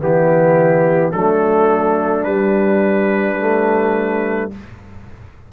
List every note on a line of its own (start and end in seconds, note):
0.00 1.14 E3
0.00 1.13 B3
0.00 1.13 E4
0.00 1.12 G4
1.12 2.26 F#3
1.12 2.28 A3
1.12 4.53 D4
1.12 2.24 A4
2.24 4.53 G3
2.24 3.39 G3
2.24 4.51 B4
3.39 4.52 A3